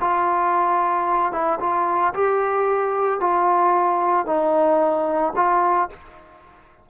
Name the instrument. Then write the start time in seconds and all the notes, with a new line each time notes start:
trombone
0.00 F4
1.32 E4
1.59 F4
2.13 G4
3.20 F4
4.26 D#4
5.35 F4